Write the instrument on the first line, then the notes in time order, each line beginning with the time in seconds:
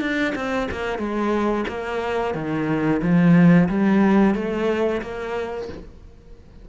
cello
0.00 D4
0.35 C4
0.71 A#3
0.98 G#3
1.68 A#3
2.34 D#3
3.02 F3
3.69 G3
4.35 A3
5.02 A#3